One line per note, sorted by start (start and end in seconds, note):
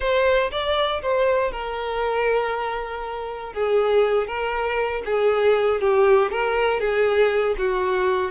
0.00 0.50 C5
0.51 1.01 D5
1.02 1.51 C5
1.51 3.53 A#4
3.53 4.27 G#4
4.27 5.02 A#4
5.05 5.80 G#4
5.80 6.31 G4
6.31 6.80 A#4
6.80 7.55 G#4
7.58 8.31 F#4